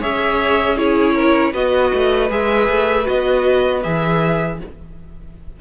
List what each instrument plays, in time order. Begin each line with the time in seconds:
0.00 cello C#4, viola G#4, violin C#5 E5
0.77 viola E4, violin G#4 C#5
1.15 violin A#4
1.52 cello B3, viola F#4, violin B4 D#5
1.94 cello A3
2.30 cello G#3, viola G#4, violin E5
2.69 cello A3
3.05 cello B3, viola F#4, violin D#5
3.83 cello E3, viola G#4, violin E5